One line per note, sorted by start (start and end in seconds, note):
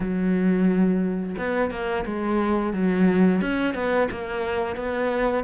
0.00 1.35 F#3
1.38 1.70 B3
1.70 2.05 A#3
2.05 2.73 G#3
2.73 3.41 F#3
3.41 3.74 C#4
3.74 4.08 B3
4.11 4.75 A#3
4.75 5.44 B3